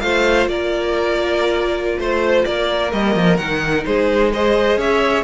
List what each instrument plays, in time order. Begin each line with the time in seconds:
0.00 cello A3, viola F4, violin C5 F5
0.46 cello A#3, violin A#4 D5
1.98 cello A3, violin C5
2.45 cello A#3, violin A#4 D5
2.90 cello G3, viola A#3, violin D#5
3.15 cello F3
3.37 cello D#3, viola D#4, violin F#5
3.85 cello G#3, violin G#4 C5
4.32 viola G#4, violin C5 D#5
4.77 cello C#4, violin C#5 E5